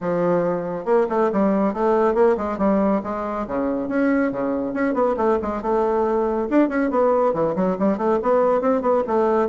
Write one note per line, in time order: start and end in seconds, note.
0.00 0.85 F3
0.85 1.07 A#3
1.09 1.30 A3
1.32 1.73 G3
1.73 2.14 A3
2.14 2.36 A#3
2.37 2.58 G#3
2.58 3.01 G3
3.03 3.46 G#3
3.47 3.88 C#3
3.88 4.31 C#4
4.31 4.73 C#3
4.73 4.93 C#4
4.93 5.15 B3
5.17 5.38 A3
5.42 5.62 G#3
5.62 6.48 A3
6.49 6.68 D4
6.68 6.90 C#4
6.90 7.33 B3
7.33 7.55 E3
7.55 7.77 F#3
7.78 7.97 G3
7.97 8.19 A3
8.22 8.61 B3
8.61 8.81 C4
8.81 9.03 B3
9.07 9.48 A3